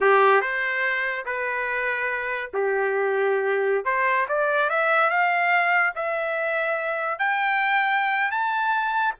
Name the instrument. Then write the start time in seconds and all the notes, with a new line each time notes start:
trumpet
0.00 G4
0.41 C5
1.25 B4
2.53 G4
3.84 C5
4.28 D5
4.69 E5
5.09 F5
5.95 E5
7.18 G5
8.31 A5